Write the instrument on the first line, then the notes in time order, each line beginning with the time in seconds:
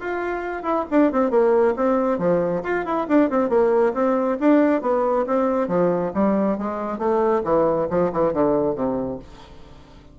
bassoon
0.00 F4
0.63 E4
0.91 D4
1.12 C4
1.31 A#3
1.76 C4
2.19 F3
2.63 F4
2.85 E4
3.08 D4
3.30 C4
3.49 A#3
3.94 C4
4.40 D4
4.82 B3
5.27 C4
5.68 F3
6.14 G3
6.58 G#3
6.98 A3
7.44 E3
7.90 F3
8.13 E3
8.33 D3
8.75 C3